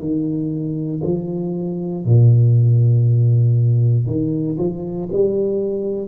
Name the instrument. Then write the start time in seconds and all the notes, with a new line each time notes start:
tuba
0.00 D#3
1.04 F3
2.05 A#2
4.06 D#3
4.58 F3
5.12 G3